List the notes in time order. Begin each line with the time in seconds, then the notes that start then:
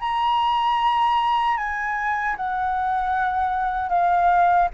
0.00 A#5
1.57 G#5
2.36 F#5
3.89 F5